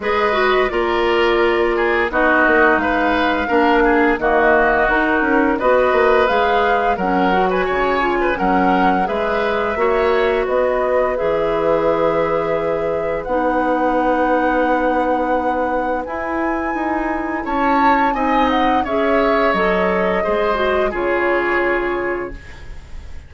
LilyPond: <<
  \new Staff \with { instrumentName = "flute" } { \time 4/4 \tempo 4 = 86 dis''4 d''2 dis''4 | f''2 dis''4 ais'4 | dis''4 f''4 fis''8. gis''4~ gis''16 | fis''4 e''2 dis''4 |
e''2. fis''4~ | fis''2. gis''4~ | gis''4 a''4 gis''8 fis''8 e''4 | dis''2 cis''2 | }
  \new Staff \with { instrumentName = "oboe" } { \time 4/4 b'4 ais'4. gis'8 fis'4 | b'4 ais'8 gis'8 fis'2 | b'2 ais'8. b'16 cis''8. b'16 | ais'4 b'4 cis''4 b'4~ |
b'1~ | b'1~ | b'4 cis''4 dis''4 cis''4~ | cis''4 c''4 gis'2 | }
  \new Staff \with { instrumentName = "clarinet" } { \time 4/4 gis'8 fis'8 f'2 dis'4~ | dis'4 d'4 ais4 dis'4 | fis'4 gis'4 cis'8 fis'4 f'8 | cis'4 gis'4 fis'2 |
gis'2. dis'4~ | dis'2. e'4~ | e'2 dis'4 gis'4 | a'4 gis'8 fis'8 f'2 | }
  \new Staff \with { instrumentName = "bassoon" } { \time 4/4 gis4 ais2 b8 ais8 | gis4 ais4 dis4 dis'8 cis'8 | b8 ais8 gis4 fis4 cis4 | fis4 gis4 ais4 b4 |
e2. b4~ | b2. e'4 | dis'4 cis'4 c'4 cis'4 | fis4 gis4 cis2 | }
>>